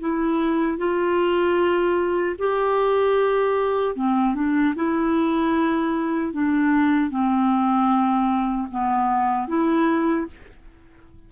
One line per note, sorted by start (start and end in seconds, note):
0.00 0.78 E4
0.78 2.36 F4
2.39 3.96 G4
3.96 4.35 C4
4.35 4.74 D4
4.75 6.33 E4
6.33 7.10 D4
7.10 8.68 C4
8.71 9.48 B3
9.48 10.27 E4